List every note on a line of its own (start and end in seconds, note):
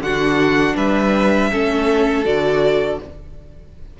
0.00 0.74 D3
0.00 0.76 F#4
0.00 0.76 F#5
0.06 1.52 D4
0.76 1.51 G3
0.76 1.50 B4
0.76 2.25 E5
1.51 2.25 A3
1.51 2.25 C#4
1.51 3.00 A4
2.25 3.00 D3
2.25 2.99 F#4
2.25 3.00 D5